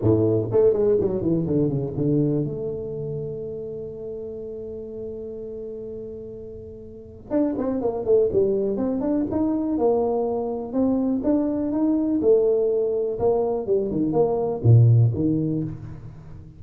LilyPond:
\new Staff \with { instrumentName = "tuba" } { \time 4/4 \tempo 4 = 123 a,4 a8 gis8 fis8 e8 d8 cis8 | d4 a2.~ | a1~ | a2. d'8 c'8 |
ais8 a8 g4 c'8 d'8 dis'4 | ais2 c'4 d'4 | dis'4 a2 ais4 | g8 dis8 ais4 ais,4 dis4 | }